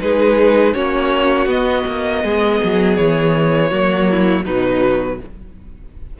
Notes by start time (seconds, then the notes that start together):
0.00 G#3 D#4 G#4 B4
0.73 A#3 C#4 F#4 C#5
1.46 B3 D#5
1.87 A#3
2.23 G#3 G#4
2.63 F#3
2.96 E3 C#5
3.70 F#3 A#3 F#4
4.10 E4
4.44 B2 F#3 D#4 B4